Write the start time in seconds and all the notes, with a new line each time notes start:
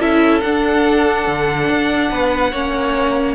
0.00 C#4 E4 A4 E5
0.41 D4 F#5
1.28 D3
1.69 D4
2.11 B3 B4
2.52 A#3 C#4 C#5